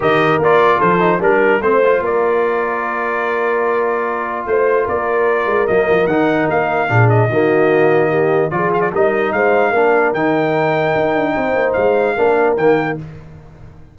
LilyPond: <<
  \new Staff \with { instrumentName = "trumpet" } { \time 4/4 \tempo 4 = 148 dis''4 d''4 c''4 ais'4 | c''4 d''2.~ | d''2. c''4 | d''2 dis''4 fis''4 |
f''4. dis''2~ dis''8~ | dis''4 d''8 f''16 d''16 dis''4 f''4~ | f''4 g''2.~ | g''4 f''2 g''4 | }
  \new Staff \with { instrumentName = "horn" } { \time 4/4 ais'2 a'4 ais'4 | c''4 ais'2.~ | ais'2. c''4 | ais'1~ |
ais'4 gis'4 fis'2 | g'4 gis'4 ais'4 c''4 | ais'1 | c''2 ais'2 | }
  \new Staff \with { instrumentName = "trombone" } { \time 4/4 g'4 f'4. dis'8 d'4 | c'8 f'2.~ f'8~ | f'1~ | f'2 ais4 dis'4~ |
dis'4 d'4 ais2~ | ais4 f'4 dis'2 | d'4 dis'2.~ | dis'2 d'4 ais4 | }
  \new Staff \with { instrumentName = "tuba" } { \time 4/4 dis4 ais4 f4 g4 | a4 ais2.~ | ais2. a4 | ais4. gis8 fis8 f8 dis4 |
ais4 ais,4 dis2~ | dis4 f4 g4 gis4 | ais4 dis2 dis'8 d'8 | c'8 ais8 gis4 ais4 dis4 | }
>>